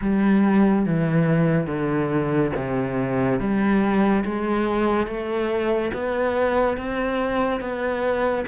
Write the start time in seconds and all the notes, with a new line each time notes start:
0.01 G3
0.85 E3
1.67 D3
2.56 C3
3.39 G3
4.24 G#3
5.07 A3
5.93 B3
6.77 C4
7.60 B3